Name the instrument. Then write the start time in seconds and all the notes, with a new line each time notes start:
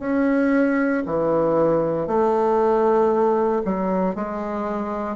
bassoon
0.00 C#4
1.07 E3
2.08 A3
3.65 F#3
4.16 G#3